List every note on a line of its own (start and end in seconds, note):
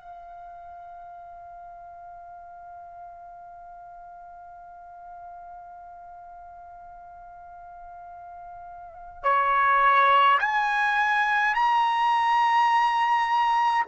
0.00 9.23 F5
9.23 10.38 C#5
10.40 11.54 G#5
11.54 13.85 A#5